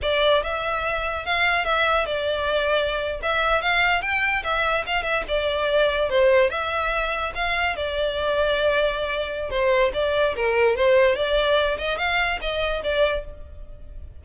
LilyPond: \new Staff \with { instrumentName = "violin" } { \time 4/4 \tempo 4 = 145 d''4 e''2 f''4 | e''4 d''2~ d''8. e''16~ | e''8. f''4 g''4 e''4 f''16~ | f''16 e''8 d''2 c''4 e''16~ |
e''4.~ e''16 f''4 d''4~ d''16~ | d''2. c''4 | d''4 ais'4 c''4 d''4~ | d''8 dis''8 f''4 dis''4 d''4 | }